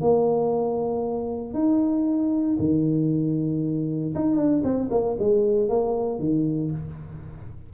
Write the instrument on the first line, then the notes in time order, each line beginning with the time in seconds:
tuba
0.00 A#3
1.53 D#4
2.59 D#3
4.14 D#4
4.36 D4
4.63 C4
4.90 A#3
5.19 G#3
5.69 A#3
6.19 D#3